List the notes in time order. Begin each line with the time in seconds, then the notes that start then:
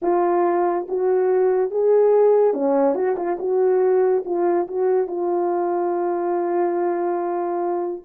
0.02 F4
0.88 F#4
1.70 G#4
2.53 C#4
2.94 F#4
3.16 F4
3.39 F#4
4.25 F4
4.67 F#4
5.07 F4